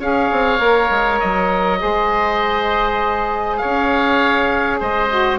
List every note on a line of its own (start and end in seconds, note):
0.00 0.30 C#4
0.00 0.58 G#4
0.00 1.80 C#5
0.00 1.20 F5
0.32 0.59 C4
0.58 0.90 A#3
0.58 1.78 A#4
0.91 1.21 G#3
1.20 1.83 F#3
1.20 3.58 D#5
1.79 3.63 G#3
1.79 5.09 G#4
1.79 3.61 C5
3.58 4.80 C#5
3.58 4.78 F5
3.64 4.81 C#4
4.80 5.39 G#3
4.80 5.39 C5
4.80 5.39 D#5
5.11 5.39 F#4